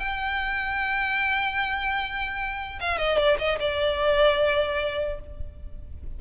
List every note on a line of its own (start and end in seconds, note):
0.00 2.80 G5
2.81 2.98 F5
2.98 3.18 D#5
3.18 3.38 D5
3.39 3.59 D#5
3.60 5.20 D5